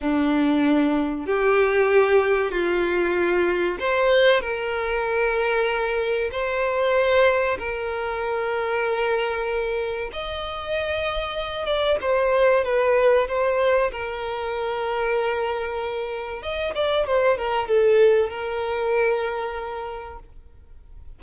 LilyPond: \new Staff \with { instrumentName = "violin" } { \time 4/4 \tempo 4 = 95 d'2 g'2 | f'2 c''4 ais'4~ | ais'2 c''2 | ais'1 |
dis''2~ dis''8 d''8 c''4 | b'4 c''4 ais'2~ | ais'2 dis''8 d''8 c''8 ais'8 | a'4 ais'2. | }